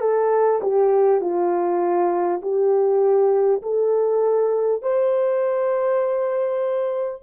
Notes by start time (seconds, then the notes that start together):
0.00 A4
0.62 G4
1.21 F4
2.41 G4
3.62 A4
4.82 C5